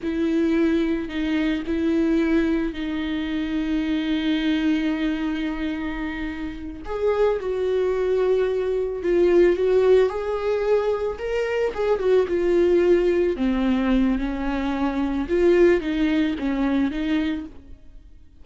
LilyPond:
\new Staff \with { instrumentName = "viola" } { \time 4/4 \tempo 4 = 110 e'2 dis'4 e'4~ | e'4 dis'2.~ | dis'1~ | dis'8 gis'4 fis'2~ fis'8~ |
fis'8 f'4 fis'4 gis'4.~ | gis'8 ais'4 gis'8 fis'8 f'4.~ | f'8 c'4. cis'2 | f'4 dis'4 cis'4 dis'4 | }